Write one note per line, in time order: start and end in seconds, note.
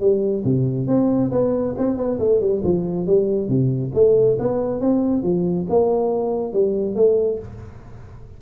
0.00 0.43 G3
0.44 0.87 C3
0.87 1.31 C4
1.31 1.75 B3
1.77 1.97 C4
1.97 2.18 B3
2.19 2.40 A3
2.40 2.62 G3
2.63 3.06 F3
3.06 3.48 G3
3.48 3.91 C3
3.94 4.37 A3
4.38 4.80 B3
4.80 5.23 C4
5.23 5.66 F3
5.69 6.52 A#3
6.52 6.95 G3
6.95 7.39 A3